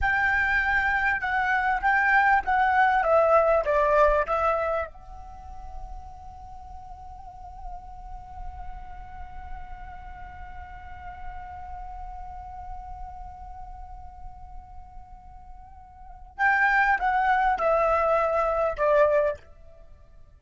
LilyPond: \new Staff \with { instrumentName = "flute" } { \time 4/4 \tempo 4 = 99 g''2 fis''4 g''4 | fis''4 e''4 d''4 e''4 | fis''1~ | fis''1~ |
fis''1~ | fis''1~ | fis''2. g''4 | fis''4 e''2 d''4 | }